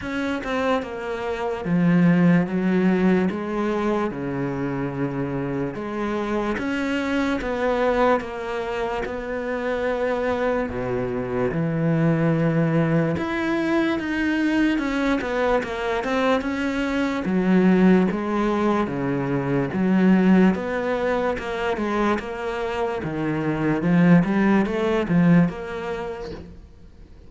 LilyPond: \new Staff \with { instrumentName = "cello" } { \time 4/4 \tempo 4 = 73 cis'8 c'8 ais4 f4 fis4 | gis4 cis2 gis4 | cis'4 b4 ais4 b4~ | b4 b,4 e2 |
e'4 dis'4 cis'8 b8 ais8 c'8 | cis'4 fis4 gis4 cis4 | fis4 b4 ais8 gis8 ais4 | dis4 f8 g8 a8 f8 ais4 | }